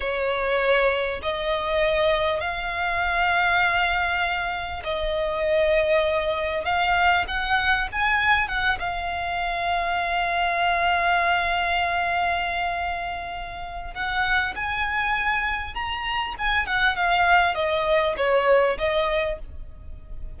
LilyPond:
\new Staff \with { instrumentName = "violin" } { \time 4/4 \tempo 4 = 99 cis''2 dis''2 | f''1 | dis''2. f''4 | fis''4 gis''4 fis''8 f''4.~ |
f''1~ | f''2. fis''4 | gis''2 ais''4 gis''8 fis''8 | f''4 dis''4 cis''4 dis''4 | }